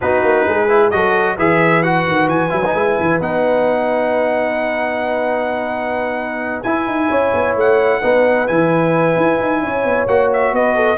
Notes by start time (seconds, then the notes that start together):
0.00 B3 D#4 F#4 B4
0.23 A#3
0.47 G#3 G#4
0.68 E4
0.90 F#3 F#4 A4 D#5
1.36 E3 G#4 B4 E5
1.82 F#4 F#5
2.07 D#3
2.27 E3 G#5
2.49 F#3 E4
2.65 D#4
2.74 G#3 E4
2.99 E3
3.19 B3 D#4 F#5
6.62 E4 G#5
6.86 D#4
7.09 C#4 C#5
7.34 B3
7.56 A3 F#5
8.01 B3 D#4 B4
8.47 E3 E4 G#5
9.16 E4
9.39 D#4
9.62 C#4 C#5
9.84 B3
10.07 A#3 F#4 F#5
10.32 E5
10.52 B3 B4 D#5
10.75 A4